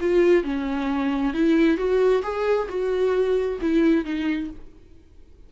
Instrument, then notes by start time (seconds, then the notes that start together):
viola
0.00 F4
0.43 C#4
1.33 E4
1.77 F#4
2.22 G#4
2.69 F#4
3.61 E4
4.04 D#4